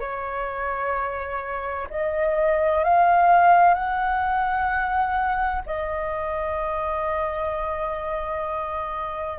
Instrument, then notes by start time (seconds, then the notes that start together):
flute
0.00 C#5
1.90 D#5
2.84 F5
3.74 F#5
5.66 D#5